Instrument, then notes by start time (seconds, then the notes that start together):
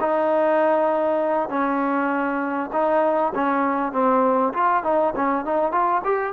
trombone
0.00 D#4
1.49 C#4
2.72 D#4
3.34 C#4
3.92 C4
4.53 F4
4.83 D#4
5.16 C#4
5.45 D#4
5.72 F4
6.04 G4